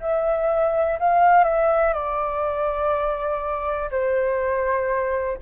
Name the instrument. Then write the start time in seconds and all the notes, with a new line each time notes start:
flute
0.00 E5
0.99 F5
1.44 E5
1.93 D5
3.90 C5